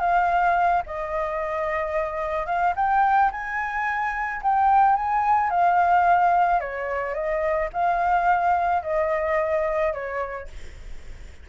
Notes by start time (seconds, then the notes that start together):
0.00 F5
0.86 D#5
2.46 F5
2.76 G5
3.32 G#5
4.42 G5
4.96 G#5
5.50 F5
6.60 C#5
7.14 D#5
7.73 F5
8.83 D#5
9.93 C#5